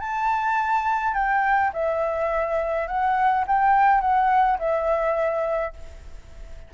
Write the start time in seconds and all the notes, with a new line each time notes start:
0.00 A5
1.14 G5
1.73 E5
2.88 F#5
3.47 G5
4.01 F#5
4.59 E5